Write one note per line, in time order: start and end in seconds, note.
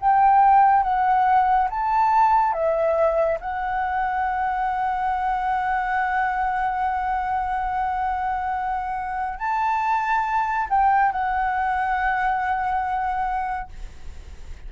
0.00 0.83 G5
0.83 1.68 F#5
1.70 2.52 A5
2.52 3.39 E5
3.40 9.39 F#5
9.39 10.67 A5
10.69 11.12 G5
11.12 13.69 F#5